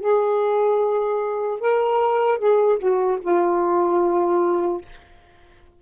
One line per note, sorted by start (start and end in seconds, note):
0.00 1.60 G#4
1.60 2.38 A#4
2.38 2.78 G#4
2.78 3.18 F#4
3.21 4.81 F4